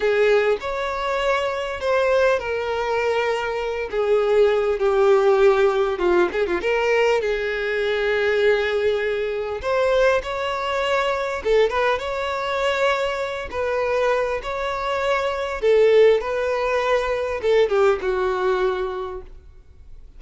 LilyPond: \new Staff \with { instrumentName = "violin" } { \time 4/4 \tempo 4 = 100 gis'4 cis''2 c''4 | ais'2~ ais'8 gis'4. | g'2 f'8 gis'16 f'16 ais'4 | gis'1 |
c''4 cis''2 a'8 b'8 | cis''2~ cis''8 b'4. | cis''2 a'4 b'4~ | b'4 a'8 g'8 fis'2 | }